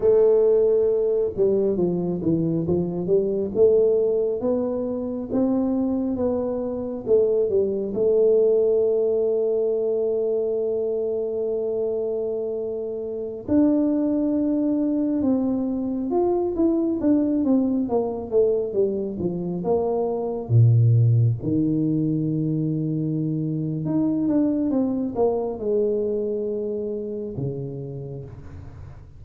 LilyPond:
\new Staff \with { instrumentName = "tuba" } { \time 4/4 \tempo 4 = 68 a4. g8 f8 e8 f8 g8 | a4 b4 c'4 b4 | a8 g8 a2.~ | a2.~ a16 d'8.~ |
d'4~ d'16 c'4 f'8 e'8 d'8 c'16~ | c'16 ais8 a8 g8 f8 ais4 ais,8.~ | ais,16 dis2~ dis8. dis'8 d'8 | c'8 ais8 gis2 cis4 | }